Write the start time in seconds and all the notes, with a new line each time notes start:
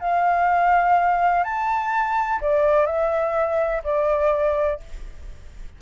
0.00 F5
1.44 A5
2.41 D5
2.86 E5
3.84 D5